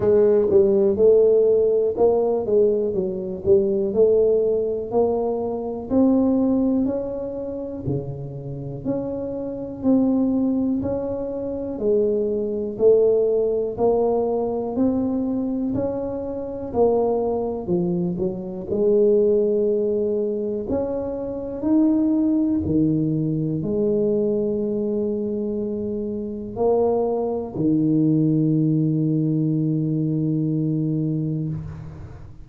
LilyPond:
\new Staff \with { instrumentName = "tuba" } { \time 4/4 \tempo 4 = 61 gis8 g8 a4 ais8 gis8 fis8 g8 | a4 ais4 c'4 cis'4 | cis4 cis'4 c'4 cis'4 | gis4 a4 ais4 c'4 |
cis'4 ais4 f8 fis8 gis4~ | gis4 cis'4 dis'4 dis4 | gis2. ais4 | dis1 | }